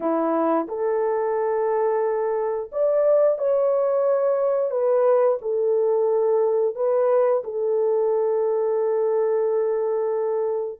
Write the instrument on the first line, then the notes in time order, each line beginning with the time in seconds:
horn
0.00 E4
0.67 A4
2.72 D5
3.38 C#5
4.70 B4
5.41 A4
6.75 B4
7.44 A4